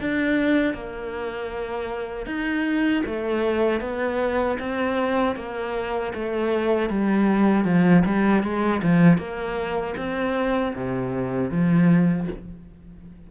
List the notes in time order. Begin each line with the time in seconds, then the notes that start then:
0.00 D4
0.73 A#3
2.26 D#4
3.06 A3
3.80 B3
4.59 C4
5.36 A#3
6.14 A3
6.89 G3
7.64 F3
8.05 G3
8.43 G#3
8.83 F3
9.17 A#3
9.97 C4
10.75 C3
11.50 F3